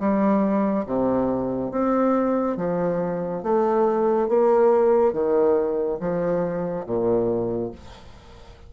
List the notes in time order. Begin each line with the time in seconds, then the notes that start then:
0.00 G3
0.86 C3
1.71 C4
2.57 F3
3.43 A3
4.29 A#3
5.13 D#3
6.00 F3
6.86 A#2